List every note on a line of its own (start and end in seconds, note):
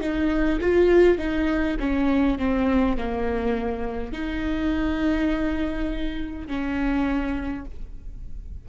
0.00 0.59 D#4
0.61 1.18 F4
1.18 1.76 D#4
1.79 2.38 C#4
2.38 2.97 C4
2.97 4.12 A#3
4.12 6.47 D#4
6.47 7.65 C#4